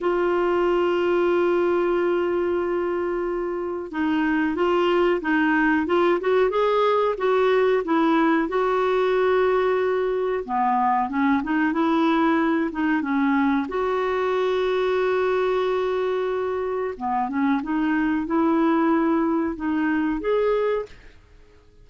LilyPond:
\new Staff \with { instrumentName = "clarinet" } { \time 4/4 \tempo 4 = 92 f'1~ | f'2 dis'4 f'4 | dis'4 f'8 fis'8 gis'4 fis'4 | e'4 fis'2. |
b4 cis'8 dis'8 e'4. dis'8 | cis'4 fis'2.~ | fis'2 b8 cis'8 dis'4 | e'2 dis'4 gis'4 | }